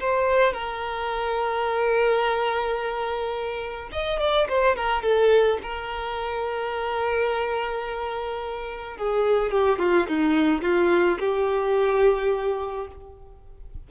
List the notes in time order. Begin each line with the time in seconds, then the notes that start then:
0.00 C5
0.53 A#4
3.92 D#5
4.20 D5
4.49 C5
4.76 A#4
5.03 A4
5.63 A#4
8.97 G#4
9.51 G4
9.79 F4
10.08 D#4
10.62 F4
11.19 G4